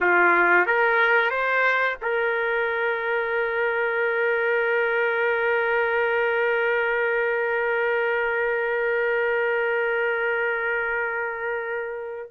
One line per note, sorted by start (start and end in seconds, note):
0.00 0.66 F4
0.66 1.30 A#4
1.30 1.97 C5
2.02 12.31 A#4